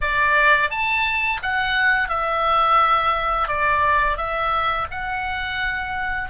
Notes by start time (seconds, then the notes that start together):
0.01 D5
0.70 A5
1.42 F#5
2.08 E5
3.48 D5
4.17 E5
4.91 F#5